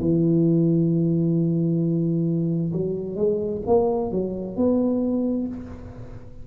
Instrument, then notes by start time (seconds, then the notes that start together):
tuba
0.00 E3
2.73 F#3
3.16 G#3
3.67 A#3
4.11 F#3
4.56 B3